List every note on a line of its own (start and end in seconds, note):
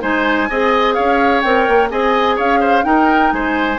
0.00 0.49 G#3
0.00 0.47 D#4
0.00 0.48 C5
0.00 0.93 G#5
0.49 0.96 C4
0.49 1.44 G#4
0.49 0.94 D#5
0.93 1.44 C#4
0.93 1.89 C#5
0.93 1.40 F5
1.41 1.67 C4
1.41 1.90 A#4
1.41 1.88 G5
1.67 1.91 A#3
1.90 2.38 C4
1.90 2.82 G#4
1.90 2.35 D#5
1.90 2.37 G#5
2.35 2.84 C#4
2.35 2.59 C#5
2.35 2.84 F5
2.60 2.83 C5
2.82 3.76 D#4
2.82 3.32 D#4
2.82 3.33 A#4
2.82 3.31 G5
3.31 3.78 G#3
3.31 3.78 C5
3.31 3.78 G#5